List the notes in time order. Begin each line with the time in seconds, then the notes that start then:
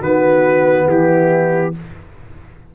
0.00 D#3 B3 F#4 B4
0.89 E3 E4 G4